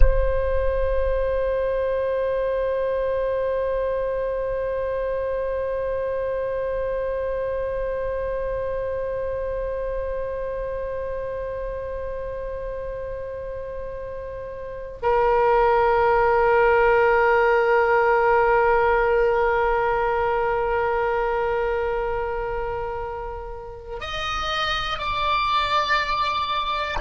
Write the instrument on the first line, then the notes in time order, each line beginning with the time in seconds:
oboe
0.00 C5
15.02 A#4
24.00 D#5
24.98 D5